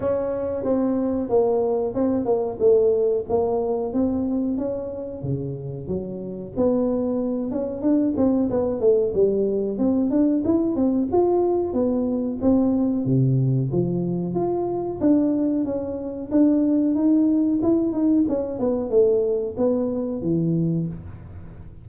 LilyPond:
\new Staff \with { instrumentName = "tuba" } { \time 4/4 \tempo 4 = 92 cis'4 c'4 ais4 c'8 ais8 | a4 ais4 c'4 cis'4 | cis4 fis4 b4. cis'8 | d'8 c'8 b8 a8 g4 c'8 d'8 |
e'8 c'8 f'4 b4 c'4 | c4 f4 f'4 d'4 | cis'4 d'4 dis'4 e'8 dis'8 | cis'8 b8 a4 b4 e4 | }